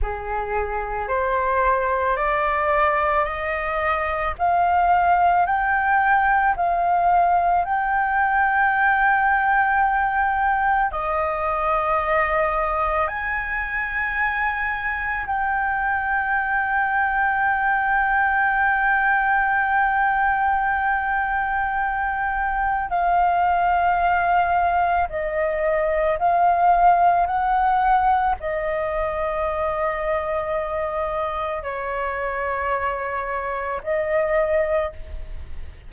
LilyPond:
\new Staff \with { instrumentName = "flute" } { \time 4/4 \tempo 4 = 55 gis'4 c''4 d''4 dis''4 | f''4 g''4 f''4 g''4~ | g''2 dis''2 | gis''2 g''2~ |
g''1~ | g''4 f''2 dis''4 | f''4 fis''4 dis''2~ | dis''4 cis''2 dis''4 | }